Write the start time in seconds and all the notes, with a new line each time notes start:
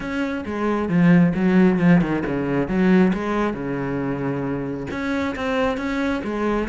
0.00 C#4
0.45 G#3
0.88 F3
1.34 F#3
1.79 F3
2.01 D#3
2.25 C#3
2.68 F#3
3.13 G#3
3.53 C#3
4.91 C#4
5.35 C4
5.77 C#4
6.23 G#3